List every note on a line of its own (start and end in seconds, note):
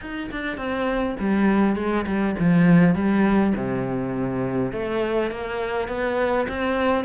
0.01 0.30 D#4
0.31 0.57 D4
0.57 1.16 C4
1.19 1.76 G3
1.76 2.05 G#3
2.06 2.35 G3
2.39 2.94 F3
2.94 3.53 G3
3.56 4.72 C3
4.72 5.30 A3
5.30 5.88 A#3
5.88 6.47 B3
6.48 7.04 C4